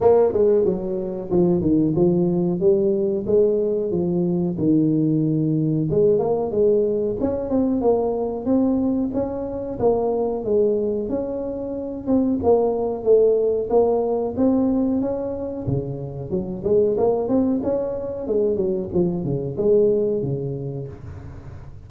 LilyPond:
\new Staff \with { instrumentName = "tuba" } { \time 4/4 \tempo 4 = 92 ais8 gis8 fis4 f8 dis8 f4 | g4 gis4 f4 dis4~ | dis4 gis8 ais8 gis4 cis'8 c'8 | ais4 c'4 cis'4 ais4 |
gis4 cis'4. c'8 ais4 | a4 ais4 c'4 cis'4 | cis4 fis8 gis8 ais8 c'8 cis'4 | gis8 fis8 f8 cis8 gis4 cis4 | }